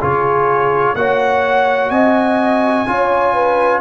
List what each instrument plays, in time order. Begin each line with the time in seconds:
0.00 tuba C#3, trombone F4, horn G#4, trumpet C#5
0.95 tuba A#3, trombone F#4, horn C#5, trumpet F#5
1.90 tuba C4, horn D#5, trumpet G#5
2.87 tuba C#4, trombone F4, horn C#5
3.33 horn B4